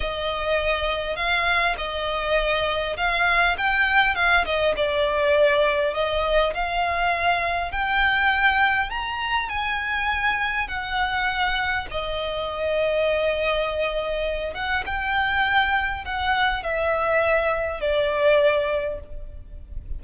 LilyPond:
\new Staff \with { instrumentName = "violin" } { \time 4/4 \tempo 4 = 101 dis''2 f''4 dis''4~ | dis''4 f''4 g''4 f''8 dis''8 | d''2 dis''4 f''4~ | f''4 g''2 ais''4 |
gis''2 fis''2 | dis''1~ | dis''8 fis''8 g''2 fis''4 | e''2 d''2 | }